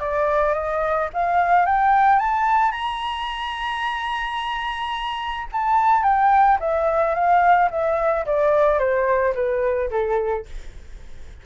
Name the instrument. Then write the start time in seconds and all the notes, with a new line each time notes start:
flute
0.00 D5
0.54 D#5
1.13 F5
1.66 G5
2.19 A5
2.72 A#5
5.52 A5
6.03 G5
6.60 E5
7.15 F5
7.70 E5
8.26 D5
8.79 C5
9.35 B4
9.91 A4